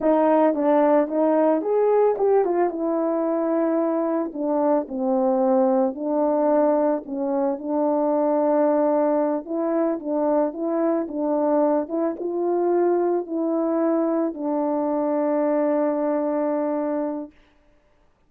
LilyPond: \new Staff \with { instrumentName = "horn" } { \time 4/4 \tempo 4 = 111 dis'4 d'4 dis'4 gis'4 | g'8 f'8 e'2. | d'4 c'2 d'4~ | d'4 cis'4 d'2~ |
d'4. e'4 d'4 e'8~ | e'8 d'4. e'8 f'4.~ | f'8 e'2 d'4.~ | d'1 | }